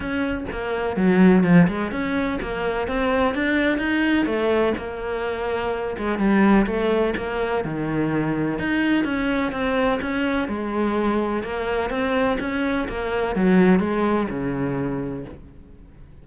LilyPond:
\new Staff \with { instrumentName = "cello" } { \time 4/4 \tempo 4 = 126 cis'4 ais4 fis4 f8 gis8 | cis'4 ais4 c'4 d'4 | dis'4 a4 ais2~ | ais8 gis8 g4 a4 ais4 |
dis2 dis'4 cis'4 | c'4 cis'4 gis2 | ais4 c'4 cis'4 ais4 | fis4 gis4 cis2 | }